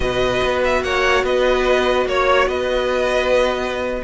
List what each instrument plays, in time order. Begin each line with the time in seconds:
0.00 cello B2, viola F#4, violin B4 D#5
0.43 cello B3
0.64 violin E5
0.82 cello A#3, violin C#5 F#5
1.23 cello B3, violin B4 D#5
2.05 cello A#3, violin C#5
2.47 cello B3, violin B4 D#5